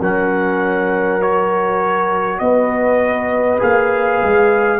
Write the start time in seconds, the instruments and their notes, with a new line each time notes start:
0.00 tuba F#3, trombone C#4, horn A#4, trumpet F#5
1.21 trombone F#4, trumpet C#5
2.39 tuba B3, horn B4, trumpet D#5
3.58 tuba A#3, trombone G#4, trumpet F5
4.22 tuba G#3